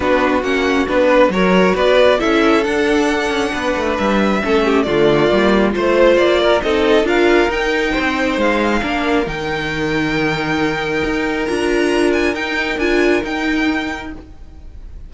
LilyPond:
<<
  \new Staff \with { instrumentName = "violin" } { \time 4/4 \tempo 4 = 136 b'4 fis''4 b'4 cis''4 | d''4 e''4 fis''2~ | fis''4 e''2 d''4~ | d''4 c''4 d''4 dis''4 |
f''4 g''2 f''4~ | f''4 g''2.~ | g''2 ais''4. gis''8 | g''4 gis''4 g''2 | }
  \new Staff \with { instrumentName = "violin" } { \time 4/4 fis'2~ fis'8 b'8 ais'4 | b'4 a'2. | b'2 a'8 g'8 f'4~ | f'4 c''4. ais'8 a'4 |
ais'2 c''2 | ais'1~ | ais'1~ | ais'1 | }
  \new Staff \with { instrumentName = "viola" } { \time 4/4 d'4 cis'4 d'4 fis'4~ | fis'4 e'4 d'2~ | d'2 cis'4 a4 | ais4 f'2 dis'4 |
f'4 dis'2. | d'4 dis'2.~ | dis'2 f'2 | dis'4 f'4 dis'2 | }
  \new Staff \with { instrumentName = "cello" } { \time 4/4 b4 ais4 b4 fis4 | b4 cis'4 d'4. cis'8 | b8 a8 g4 a4 d4 | g4 a4 ais4 c'4 |
d'4 dis'4 c'4 gis4 | ais4 dis2.~ | dis4 dis'4 d'2 | dis'4 d'4 dis'2 | }
>>